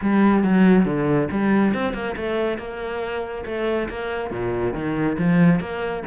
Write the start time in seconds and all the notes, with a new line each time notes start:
0.01 G3
0.43 F#3
0.85 D3
1.31 G3
1.74 C4
1.93 A#3
2.16 A3
2.58 A#3
3.45 A3
3.89 A#3
4.30 A#2
4.73 D#3
5.18 F3
5.60 A#3